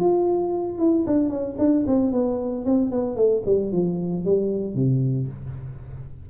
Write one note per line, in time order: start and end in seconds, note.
0.00 0.78 F4
0.78 1.05 E4
1.07 1.30 D4
1.30 1.56 C#4
1.59 1.85 D4
1.87 2.12 C4
2.12 2.65 B3
2.65 2.91 C4
2.91 3.16 B3
3.16 3.43 A3
3.46 3.72 G3
3.72 4.25 F3
4.25 4.75 G3
4.75 5.28 C3